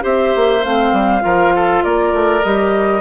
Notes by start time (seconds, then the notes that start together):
0.00 C4 G4 C5 E5
0.35 A#3
0.64 A3 C4 F5
0.92 G3
1.20 F3 F4 A#4
1.55 A4
1.83 A#3 A#4 D5
2.13 A3
2.43 G3 G4 D#5